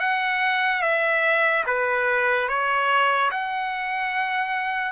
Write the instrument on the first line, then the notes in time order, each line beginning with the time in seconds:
trumpet
0.00 F#5
0.81 E5
1.66 B4
2.48 C#5
3.30 F#5